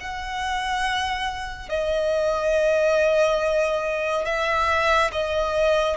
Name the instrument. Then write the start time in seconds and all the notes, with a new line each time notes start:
violin
0.00 F#5
1.69 D#5
4.25 E5
5.12 D#5